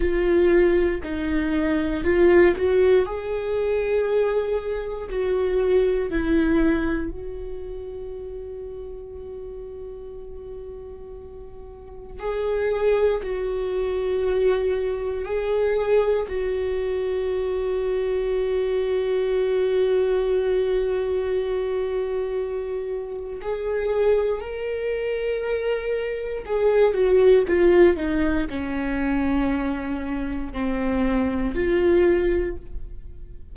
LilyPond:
\new Staff \with { instrumentName = "viola" } { \time 4/4 \tempo 4 = 59 f'4 dis'4 f'8 fis'8 gis'4~ | gis'4 fis'4 e'4 fis'4~ | fis'1 | gis'4 fis'2 gis'4 |
fis'1~ | fis'2. gis'4 | ais'2 gis'8 fis'8 f'8 dis'8 | cis'2 c'4 f'4 | }